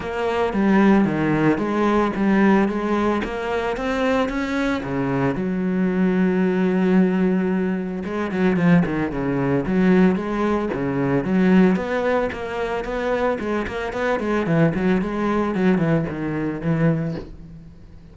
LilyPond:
\new Staff \with { instrumentName = "cello" } { \time 4/4 \tempo 4 = 112 ais4 g4 dis4 gis4 | g4 gis4 ais4 c'4 | cis'4 cis4 fis2~ | fis2. gis8 fis8 |
f8 dis8 cis4 fis4 gis4 | cis4 fis4 b4 ais4 | b4 gis8 ais8 b8 gis8 e8 fis8 | gis4 fis8 e8 dis4 e4 | }